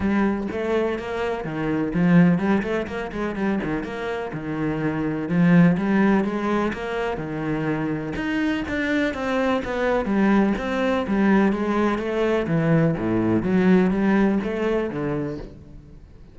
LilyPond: \new Staff \with { instrumentName = "cello" } { \time 4/4 \tempo 4 = 125 g4 a4 ais4 dis4 | f4 g8 a8 ais8 gis8 g8 dis8 | ais4 dis2 f4 | g4 gis4 ais4 dis4~ |
dis4 dis'4 d'4 c'4 | b4 g4 c'4 g4 | gis4 a4 e4 a,4 | fis4 g4 a4 d4 | }